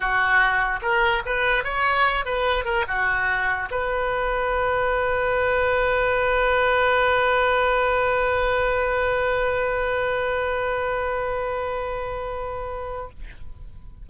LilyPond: \new Staff \with { instrumentName = "oboe" } { \time 4/4 \tempo 4 = 147 fis'2 ais'4 b'4 | cis''4. b'4 ais'8 fis'4~ | fis'4 b'2.~ | b'1~ |
b'1~ | b'1~ | b'1~ | b'1 | }